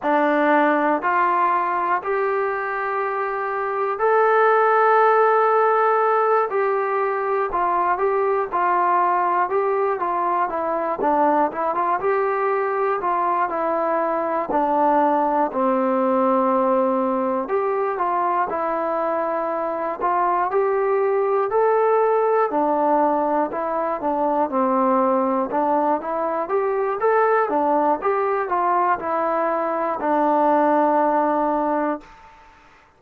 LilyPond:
\new Staff \with { instrumentName = "trombone" } { \time 4/4 \tempo 4 = 60 d'4 f'4 g'2 | a'2~ a'8 g'4 f'8 | g'8 f'4 g'8 f'8 e'8 d'8 e'16 f'16 | g'4 f'8 e'4 d'4 c'8~ |
c'4. g'8 f'8 e'4. | f'8 g'4 a'4 d'4 e'8 | d'8 c'4 d'8 e'8 g'8 a'8 d'8 | g'8 f'8 e'4 d'2 | }